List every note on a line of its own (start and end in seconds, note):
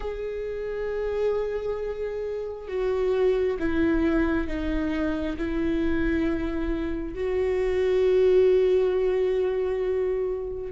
0.00 2.67 G#4
2.67 3.57 F#4
3.59 4.47 E4
4.47 5.36 D#4
5.37 7.14 E4
7.14 10.71 F#4